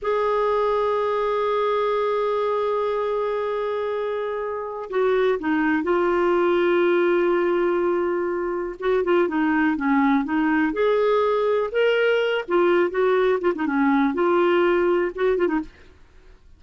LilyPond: \new Staff \with { instrumentName = "clarinet" } { \time 4/4 \tempo 4 = 123 gis'1~ | gis'1~ | gis'2 fis'4 dis'4 | f'1~ |
f'2 fis'8 f'8 dis'4 | cis'4 dis'4 gis'2 | ais'4. f'4 fis'4 f'16 dis'16 | cis'4 f'2 fis'8 f'16 dis'16 | }